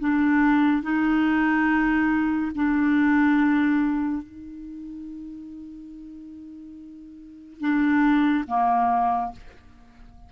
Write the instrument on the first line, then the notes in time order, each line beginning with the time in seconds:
clarinet
0.00 D4
0.83 D#4
2.55 D4
4.23 D#4
7.61 D4
8.48 A#3